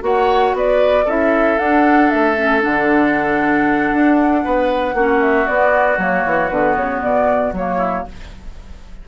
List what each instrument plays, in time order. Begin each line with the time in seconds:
0.00 bassoon A#3, clarinet F#4, oboe C#5, flute F#5
0.53 bassoon B3, oboe B4, flute D5
1.04 bassoon C#4, clarinet E4, oboe A4, flute E5
1.58 clarinet D4, bassoon D4, flute F#5
2.10 bassoon A3, flute E5
2.36 clarinet C#4
2.60 bassoon D3, clarinet D4, flute F#5
3.93 bassoon D4
4.44 bassoon B3, oboe B4
4.94 bassoon A#3, clarinet C#4, oboe F#4
5.20 flute E5
5.47 clarinet B3, bassoon B3, flute D5
5.97 bassoon F#3, clarinet A#3, flute C#5
6.25 bassoon E3
6.49 bassoon D3, clarinet B3, flute B4
6.76 bassoon C#3, flute C#5
7.01 bassoon B2, flute D5
7.52 bassoon F#3, clarinet A#3, flute C#5
7.77 oboe E4